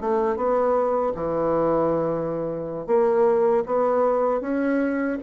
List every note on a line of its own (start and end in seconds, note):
0.00 0.36 A3
0.36 1.13 B3
1.14 2.87 E3
2.87 3.64 A#3
3.66 4.41 B3
4.41 5.17 C#4